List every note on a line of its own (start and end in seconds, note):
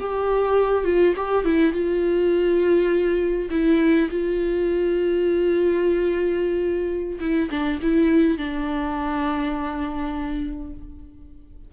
0.00 0.84 G4
0.84 1.14 F4
1.16 1.45 G4
1.45 1.73 E4
1.73 3.49 F4
3.51 4.09 E4
4.10 7.19 F4
7.20 7.49 E4
7.51 7.80 D4
7.82 8.37 E4
8.37 10.73 D4